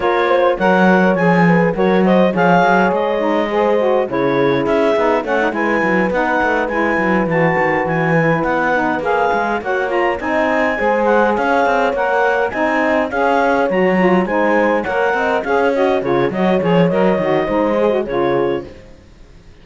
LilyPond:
<<
  \new Staff \with { instrumentName = "clarinet" } { \time 4/4 \tempo 4 = 103 cis''4 fis''4 gis''4 cis''8 dis''8 | f''4 dis''2 cis''4 | e''4 fis''8 gis''4 fis''4 gis''8~ | gis''8 a''4 gis''4 fis''4 f''8~ |
f''8 fis''8 ais''8 gis''4. fis''8 f''8~ | f''8 fis''4 gis''4 f''4 ais''8~ | ais''8 gis''4 fis''4 f''8 dis''8 cis''8 | dis''8 cis''8 dis''2 cis''4 | }
  \new Staff \with { instrumentName = "horn" } { \time 4/4 ais'8 c''8 cis''4. b'8 ais'8 c''8 | cis''2 c''4 gis'4~ | gis'4 cis''8 b'2~ b'8~ | b'1~ |
b'8 cis''4 dis''4 c''4 cis''8~ | cis''4. dis''4 cis''4.~ | cis''8 c''4 cis''8 dis''8 cis''4 gis'8 | cis''2 c''4 gis'4 | }
  \new Staff \with { instrumentName = "saxophone" } { \time 4/4 f'4 ais'4 gis'4 fis'4 | gis'4. dis'8 gis'8 fis'8 e'4~ | e'8 dis'8 cis'16 dis'16 e'4 dis'4 e'8~ | e'8 fis'4. e'4 dis'8 gis'8~ |
gis'8 fis'8 f'8 dis'4 gis'4.~ | gis'8 ais'4 dis'4 gis'4 fis'8 | f'8 dis'4 ais'4 gis'8 fis'8 f'8 | fis'8 gis'8 ais'8 fis'8 dis'8 gis'16 fis'16 f'4 | }
  \new Staff \with { instrumentName = "cello" } { \time 4/4 ais4 fis4 f4 fis4 | f8 fis8 gis2 cis4 | cis'8 b8 a8 gis8 fis8 b8 a8 gis8 | fis8 e8 dis8 e4 b4 ais8 |
gis8 ais4 c'4 gis4 cis'8 | c'8 ais4 c'4 cis'4 fis8~ | fis8 gis4 ais8 c'8 cis'4 cis8 | fis8 f8 fis8 dis8 gis4 cis4 | }
>>